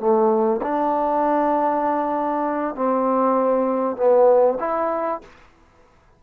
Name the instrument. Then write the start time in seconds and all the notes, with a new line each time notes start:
trombone
0.00 A3
0.63 D4
2.76 C4
3.97 B3
4.60 E4